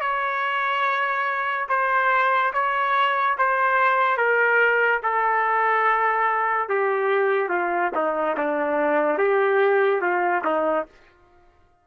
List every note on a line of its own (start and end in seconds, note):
0.00 1.67 C#5
1.69 2.52 C5
2.53 3.36 C#5
3.37 4.17 C5
4.17 5.00 A#4
5.03 6.69 A4
6.69 7.49 G4
7.49 7.91 F4
7.95 8.36 D#4
8.37 9.18 D4
9.18 10.01 G4
10.01 10.42 F4
10.44 10.86 D#4